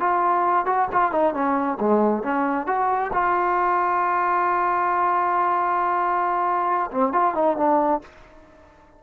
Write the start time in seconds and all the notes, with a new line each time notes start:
0.00 F4
0.66 F#4
0.92 F4
1.12 D#4
1.34 C#4
1.80 G#3
2.23 C#4
2.66 F#4
3.13 F4
6.91 C4
7.13 F4
7.35 D#4
7.57 D4